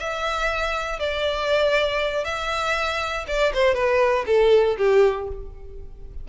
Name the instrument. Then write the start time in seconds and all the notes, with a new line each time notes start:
violin
0.00 E5
1.00 D5
2.25 E5
3.28 D5
3.54 C5
3.75 B4
4.27 A4
4.78 G4